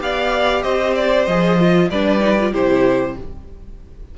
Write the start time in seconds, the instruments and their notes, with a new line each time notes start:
0.00 cello B3, viola G4, violin D5 F5
0.62 cello C4, violin C5 D#5
0.95 violin D5
1.26 cello F3, viola G#4, violin D#5
1.59 viola F4
1.90 cello G3, viola D4, violin B4 D5
2.20 viola D#4
2.40 viola F4
2.51 cello C3, viola E4, violin G4 C5